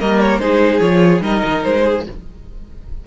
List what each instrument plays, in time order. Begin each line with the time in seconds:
0.00 cello G3, viola A#3, violin A#4 D#5
0.20 violin C#5
0.39 cello G#3, viola D#4, violin G#4 C5
0.80 cello F3, viola F4, violin C#5
1.21 cello G3, viola D#4, violin A#4 D#5
1.44 cello D#3
1.64 cello G#3, violin C5
1.83 violin G#4